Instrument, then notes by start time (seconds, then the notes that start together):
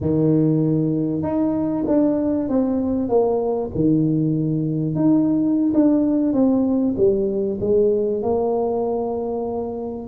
tuba
0.00 D#3
1.22 D#4
1.87 D4
2.48 C4
3.08 A#3
3.75 D#3
4.95 D#4
5.74 D4
6.33 C4
6.97 G3
7.60 G#3
8.22 A#3